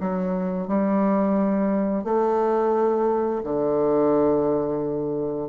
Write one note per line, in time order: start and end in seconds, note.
0.00 0.67 F#3
0.67 2.04 G3
2.04 3.42 A3
3.43 5.49 D3